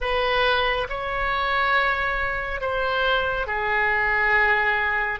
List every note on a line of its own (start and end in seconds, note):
0.00 0.87 B4
0.89 2.60 C#5
2.60 3.47 C5
3.47 5.19 G#4